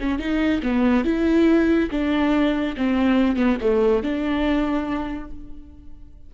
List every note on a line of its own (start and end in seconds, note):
0.00 0.19 C#4
0.19 0.61 D#4
0.63 1.04 B3
1.04 1.90 E4
1.91 2.76 D4
2.77 3.36 C4
3.36 3.57 B3
3.61 4.03 A3
4.03 5.30 D4